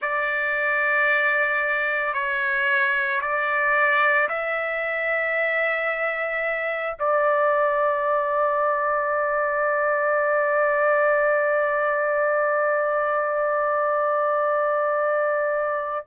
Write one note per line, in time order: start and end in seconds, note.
0.01 2.13 D5
2.13 3.20 C#5
3.21 4.28 D5
4.29 6.96 E5
6.99 16.07 D5